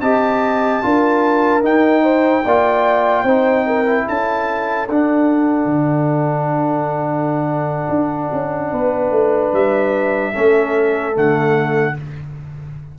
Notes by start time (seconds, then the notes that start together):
0.00 C4 G4 D#5 A5
0.82 D4 F4 A#4
1.62 D#4 G5
2.03 C5
2.45 A#3 F4 D5
3.23 C4 D#4 C5
3.66 A#4
3.86 E4
4.05 C#4 A4 A5
4.88 D4 F#5
5.65 D3
7.89 D4
8.32 C#4
8.71 B3 B4
9.11 A3
9.52 G3 E5
10.33 A3 C#4 A4
11.13 D3 A3 F#5